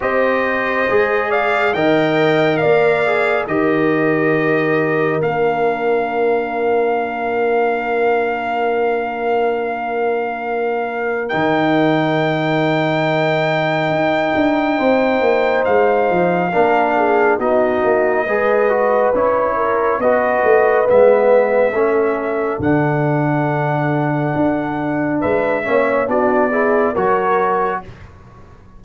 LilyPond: <<
  \new Staff \with { instrumentName = "trumpet" } { \time 4/4 \tempo 4 = 69 dis''4. f''8 g''4 f''4 | dis''2 f''2~ | f''1~ | f''4 g''2.~ |
g''2 f''2 | dis''2 cis''4 dis''4 | e''2 fis''2~ | fis''4 e''4 d''4 cis''4 | }
  \new Staff \with { instrumentName = "horn" } { \time 4/4 c''4. d''8 dis''4 d''4 | ais'1~ | ais'1~ | ais'1~ |
ais'4 c''2 ais'8 gis'8 | fis'4 b'4. ais'8 b'4~ | b'4 a'2.~ | a'4 b'8 cis''8 fis'8 gis'8 ais'4 | }
  \new Staff \with { instrumentName = "trombone" } { \time 4/4 g'4 gis'4 ais'4. gis'8 | g'2 d'2~ | d'1~ | d'4 dis'2.~ |
dis'2. d'4 | dis'4 gis'8 fis'8 e'4 fis'4 | b4 cis'4 d'2~ | d'4. cis'8 d'8 e'8 fis'4 | }
  \new Staff \with { instrumentName = "tuba" } { \time 4/4 c'4 gis4 dis4 ais4 | dis2 ais2~ | ais1~ | ais4 dis2. |
dis'8 d'8 c'8 ais8 gis8 f8 ais4 | b8 ais8 gis4 cis'4 b8 a8 | gis4 a4 d2 | d'4 gis8 ais8 b4 fis4 | }
>>